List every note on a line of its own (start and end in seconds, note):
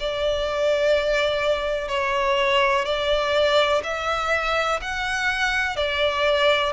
0.00 1.88 D5
1.88 2.85 C#5
2.85 3.82 D5
3.84 4.80 E5
4.81 5.76 F#5
5.76 6.73 D5